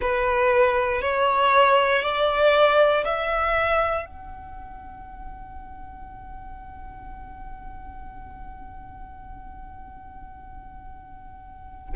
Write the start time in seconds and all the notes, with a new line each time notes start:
0.00 B4
1.01 C#5
2.02 D5
3.05 E5
4.05 F#5